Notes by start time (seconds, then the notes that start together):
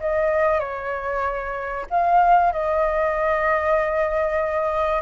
0.00 D#5
0.59 C#5
1.90 F5
2.52 D#5